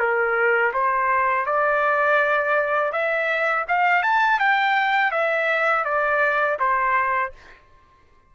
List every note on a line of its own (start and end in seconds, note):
0.00 0.73 A#4
0.74 1.46 C5
1.46 2.93 D5
2.93 3.66 E5
3.69 4.03 F5
4.03 4.40 A5
4.40 5.12 G5
5.12 5.85 E5
5.85 6.58 D5
6.60 7.33 C5